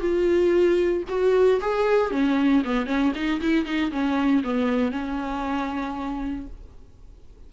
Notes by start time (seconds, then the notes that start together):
0.00 F4
1.09 F#4
1.61 G#4
2.11 C#4
2.65 B3
2.86 C#4
3.15 D#4
3.41 E4
3.65 D#4
3.91 C#4
4.44 B3
4.91 C#4